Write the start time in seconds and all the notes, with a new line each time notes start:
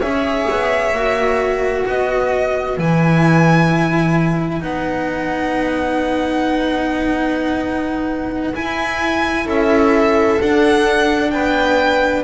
0.00 C#4 G#4 C#5 E5
0.50 B3
0.92 A#3 F#4
1.84 B3 B4 D#5
2.77 E3 E4 G#5
4.61 B3 D#4 F#5
8.54 E4 G#5
9.46 C#4 A4 E5
10.42 D4 F#5
11.31 B3 B4 G5